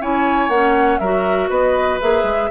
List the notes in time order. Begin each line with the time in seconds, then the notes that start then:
0.00 C#4 E4 C#5 G#5
0.48 A#3 C#4 F#5
0.99 F#3 F#4 A#4 E5
1.50 B3 B4 D#5
2.01 A#3 G#4 E5
2.23 G#3